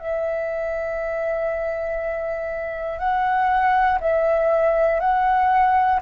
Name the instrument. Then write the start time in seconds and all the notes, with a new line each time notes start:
flute
0.00 E5
3.00 F#5
4.01 E5
5.00 F#5